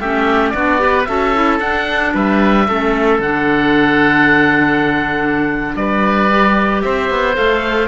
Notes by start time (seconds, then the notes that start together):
0.00 A3 C#4 G4 E5
0.49 B3 F#4 D5
0.56 D4
0.79 G4 B4
1.05 C#4 F#4 A4 E5
1.35 E4
1.60 D4 F#5
2.15 G3 B4 E5
2.68 A3 C#4 A4
3.20 D3 D4 F#5
5.76 G3 B4 D5
6.31 G4
6.82 C4 C5 E5
7.10 B3
7.34 A3 A4 F5